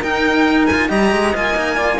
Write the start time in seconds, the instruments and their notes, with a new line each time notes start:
0.00 cello D#4, saxophone A#4, violin G5
0.66 violin G#5
0.72 cello F4
0.88 cello G3 G4, saxophone D#5, violin A#5
1.12 cello G#3
1.33 cello A#3 F4, violin G#5
1.56 cello D#4
1.75 cello F4, saxophone D5